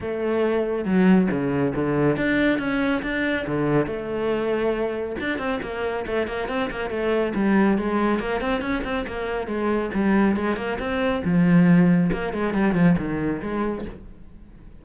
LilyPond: \new Staff \with { instrumentName = "cello" } { \time 4/4 \tempo 4 = 139 a2 fis4 cis4 | d4 d'4 cis'4 d'4 | d4 a2. | d'8 c'8 ais4 a8 ais8 c'8 ais8 |
a4 g4 gis4 ais8 c'8 | cis'8 c'8 ais4 gis4 g4 | gis8 ais8 c'4 f2 | ais8 gis8 g8 f8 dis4 gis4 | }